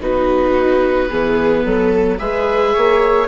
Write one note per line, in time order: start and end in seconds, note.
0.00 1.09 B3
0.00 1.09 D#4
0.00 1.09 F#4
0.00 2.18 B4
1.09 1.65 E3
1.09 2.18 B3
1.09 1.63 G#4
1.64 2.19 F#3
1.64 2.18 A4
2.18 2.74 G#3
2.18 3.27 G#4
2.18 2.73 B4
2.18 3.27 E5
2.73 3.27 A#3
2.73 3.27 C#5